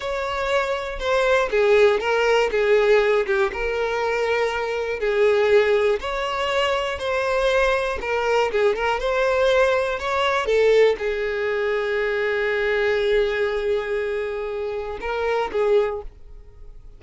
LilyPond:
\new Staff \with { instrumentName = "violin" } { \time 4/4 \tempo 4 = 120 cis''2 c''4 gis'4 | ais'4 gis'4. g'8 ais'4~ | ais'2 gis'2 | cis''2 c''2 |
ais'4 gis'8 ais'8 c''2 | cis''4 a'4 gis'2~ | gis'1~ | gis'2 ais'4 gis'4 | }